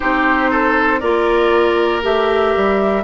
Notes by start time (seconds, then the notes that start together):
0.00 C4 D#4 G4 C5
0.50 A4
1.00 A#3 F4 A#4 D5
2.01 A3 G4 E5
2.56 G3